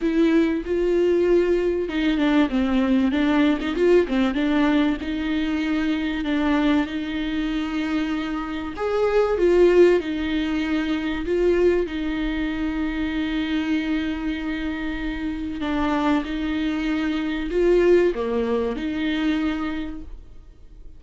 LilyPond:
\new Staff \with { instrumentName = "viola" } { \time 4/4 \tempo 4 = 96 e'4 f'2 dis'8 d'8 | c'4 d'8. dis'16 f'8 c'8 d'4 | dis'2 d'4 dis'4~ | dis'2 gis'4 f'4 |
dis'2 f'4 dis'4~ | dis'1~ | dis'4 d'4 dis'2 | f'4 ais4 dis'2 | }